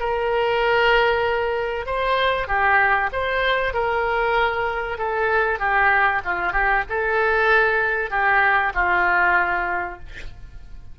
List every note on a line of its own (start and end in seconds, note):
0.00 1.86 A#4
1.86 2.48 C5
2.48 3.11 G4
3.13 3.74 C5
3.74 4.98 A#4
4.98 5.60 A4
5.60 6.22 G4
6.25 6.53 F4
6.53 6.84 G4
6.90 8.11 A4
8.11 8.73 G4
8.75 10.00 F4